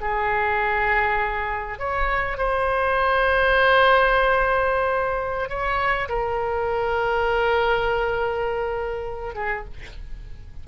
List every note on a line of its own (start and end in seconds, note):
0.00 1.78 G#4
1.78 2.37 C#5
2.37 5.49 C5
5.49 6.08 C#5
6.09 9.35 A#4
9.35 9.64 G#4